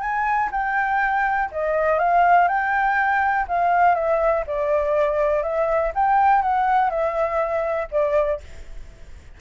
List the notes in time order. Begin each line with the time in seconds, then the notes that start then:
0.00 G#5
0.51 G5
1.51 D#5
1.98 F5
2.48 G5
3.47 F5
3.95 E5
4.47 D5
5.42 E5
5.95 G5
6.42 F#5
6.89 E5
7.91 D5